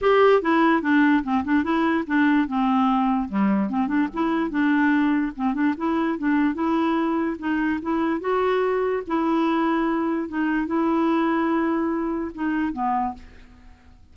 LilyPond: \new Staff \with { instrumentName = "clarinet" } { \time 4/4 \tempo 4 = 146 g'4 e'4 d'4 c'8 d'8 | e'4 d'4 c'2 | g4 c'8 d'8 e'4 d'4~ | d'4 c'8 d'8 e'4 d'4 |
e'2 dis'4 e'4 | fis'2 e'2~ | e'4 dis'4 e'2~ | e'2 dis'4 b4 | }